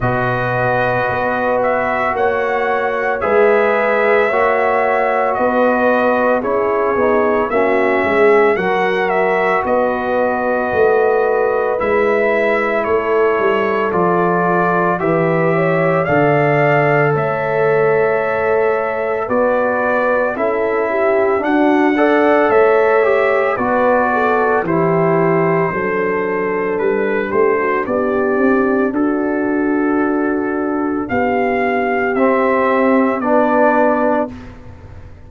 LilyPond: <<
  \new Staff \with { instrumentName = "trumpet" } { \time 4/4 \tempo 4 = 56 dis''4. e''8 fis''4 e''4~ | e''4 dis''4 cis''4 e''4 | fis''8 e''8 dis''2 e''4 | cis''4 d''4 e''4 f''4 |
e''2 d''4 e''4 | fis''4 e''4 d''4 c''4~ | c''4 b'8 c''8 d''4 a'4~ | a'4 f''4 e''4 d''4 | }
  \new Staff \with { instrumentName = "horn" } { \time 4/4 b'2 cis''4 b'4 | cis''4 b'4 gis'4 fis'8 gis'8 | ais'4 b'2. | a'2 b'8 cis''8 d''4 |
cis''2 b'4 a'8 g'8 | fis'8 d''8 cis''4 b'8 a'8 g'4 | a'4. g'16 fis'16 g'4 fis'4~ | fis'4 g'2 b'4 | }
  \new Staff \with { instrumentName = "trombone" } { \time 4/4 fis'2. gis'4 | fis'2 e'8 dis'8 cis'4 | fis'2. e'4~ | e'4 f'4 g'4 a'4~ |
a'2 fis'4 e'4 | d'8 a'4 g'8 fis'4 e'4 | d'1~ | d'2 c'4 d'4 | }
  \new Staff \with { instrumentName = "tuba" } { \time 4/4 b,4 b4 ais4 gis4 | ais4 b4 cis'8 b8 ais8 gis8 | fis4 b4 a4 gis4 | a8 g8 f4 e4 d4 |
a2 b4 cis'4 | d'4 a4 b4 e4 | fis4 g8 a8 b8 c'8 d'4~ | d'4 b4 c'4 b4 | }
>>